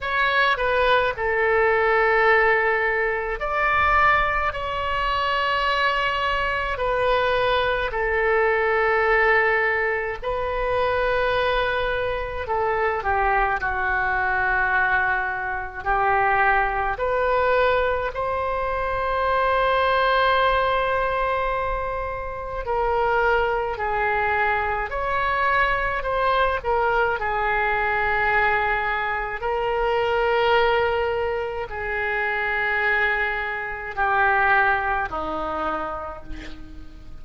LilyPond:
\new Staff \with { instrumentName = "oboe" } { \time 4/4 \tempo 4 = 53 cis''8 b'8 a'2 d''4 | cis''2 b'4 a'4~ | a'4 b'2 a'8 g'8 | fis'2 g'4 b'4 |
c''1 | ais'4 gis'4 cis''4 c''8 ais'8 | gis'2 ais'2 | gis'2 g'4 dis'4 | }